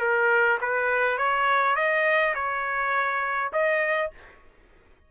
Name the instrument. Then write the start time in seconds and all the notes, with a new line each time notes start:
trumpet
0.00 A#4
0.61 B4
1.18 C#5
1.76 D#5
2.34 C#5
3.52 D#5